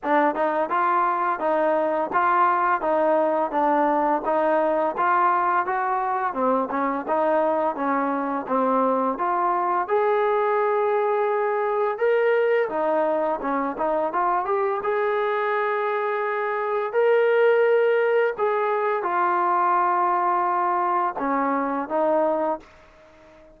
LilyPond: \new Staff \with { instrumentName = "trombone" } { \time 4/4 \tempo 4 = 85 d'8 dis'8 f'4 dis'4 f'4 | dis'4 d'4 dis'4 f'4 | fis'4 c'8 cis'8 dis'4 cis'4 | c'4 f'4 gis'2~ |
gis'4 ais'4 dis'4 cis'8 dis'8 | f'8 g'8 gis'2. | ais'2 gis'4 f'4~ | f'2 cis'4 dis'4 | }